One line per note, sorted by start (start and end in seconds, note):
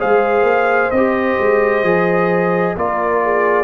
0.00 0.43 G#3
0.00 0.92 G#4
0.00 2.77 C5
0.00 0.91 F5
0.43 0.90 A#3
0.91 1.38 C4
0.91 1.85 G4
0.91 2.76 D#5
1.39 1.83 G#3
1.83 2.76 F3
1.83 2.77 G#4
2.77 3.65 A#3
2.77 3.65 F4
2.77 3.24 A#4
2.77 3.65 D5
3.24 3.65 G#4